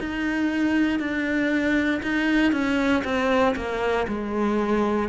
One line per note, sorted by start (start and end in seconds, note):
0.00 0.99 D#4
0.99 2.01 D4
2.03 2.52 D#4
2.52 3.03 C#4
3.05 3.55 C4
3.56 4.07 A#3
4.08 5.09 G#3